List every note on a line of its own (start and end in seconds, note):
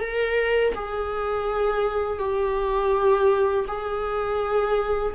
0.00 0.73 A#4
0.75 2.19 G#4
2.19 3.65 G4
3.67 5.14 G#4